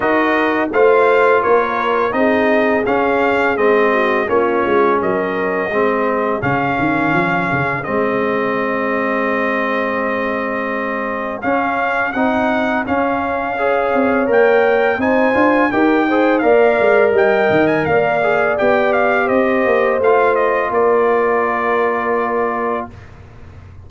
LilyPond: <<
  \new Staff \with { instrumentName = "trumpet" } { \time 4/4 \tempo 4 = 84 dis''4 f''4 cis''4 dis''4 | f''4 dis''4 cis''4 dis''4~ | dis''4 f''2 dis''4~ | dis''1 |
f''4 fis''4 f''2 | g''4 gis''4 g''4 f''4 | g''8. gis''16 f''4 g''8 f''8 dis''4 | f''8 dis''8 d''2. | }
  \new Staff \with { instrumentName = "horn" } { \time 4/4 ais'4 c''4 ais'4 gis'4~ | gis'4. fis'8 f'4 ais'4 | gis'1~ | gis'1~ |
gis'2. cis''4~ | cis''4 c''4 ais'8 c''8 d''4 | dis''4 d''2 c''4~ | c''4 ais'2. | }
  \new Staff \with { instrumentName = "trombone" } { \time 4/4 fis'4 f'2 dis'4 | cis'4 c'4 cis'2 | c'4 cis'2 c'4~ | c'1 |
cis'4 dis'4 cis'4 gis'4 | ais'4 dis'8 f'8 g'8 gis'8 ais'4~ | ais'4. gis'8 g'2 | f'1 | }
  \new Staff \with { instrumentName = "tuba" } { \time 4/4 dis'4 a4 ais4 c'4 | cis'4 gis4 ais8 gis8 fis4 | gis4 cis8 dis8 f8 cis8 gis4~ | gis1 |
cis'4 c'4 cis'4. c'8 | ais4 c'8 d'8 dis'4 ais8 gis8 | g8 dis8 ais4 b4 c'8 ais8 | a4 ais2. | }
>>